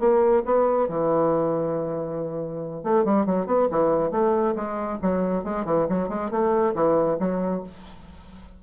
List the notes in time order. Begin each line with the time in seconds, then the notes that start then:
0.00 A#3
0.46 B3
0.89 E3
2.84 A3
3.05 G3
3.26 F#3
3.47 B3
3.71 E3
4.12 A3
4.56 G#3
5.02 F#3
5.44 G#3
5.66 E3
5.90 F#3
6.09 G#3
6.31 A3
6.75 E3
7.20 F#3